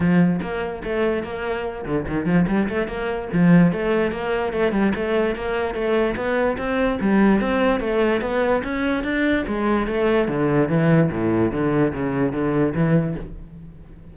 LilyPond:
\new Staff \with { instrumentName = "cello" } { \time 4/4 \tempo 4 = 146 f4 ais4 a4 ais4~ | ais8 d8 dis8 f8 g8 a8 ais4 | f4 a4 ais4 a8 g8 | a4 ais4 a4 b4 |
c'4 g4 c'4 a4 | b4 cis'4 d'4 gis4 | a4 d4 e4 a,4 | d4 cis4 d4 e4 | }